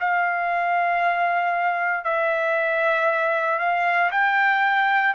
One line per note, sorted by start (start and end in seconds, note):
0.00 2.05 F5
2.05 3.59 E5
3.59 4.11 F5
4.11 5.14 G5